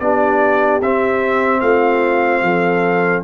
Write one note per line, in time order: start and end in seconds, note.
0.00 0.81 B3
0.00 0.82 D4
0.00 1.62 G4
0.00 0.81 D5
0.82 1.61 C4
0.82 3.24 C4
0.82 1.61 E5
1.61 2.42 A3
1.61 2.43 F4
1.61 3.23 F5
2.42 3.23 F3
2.42 3.24 A4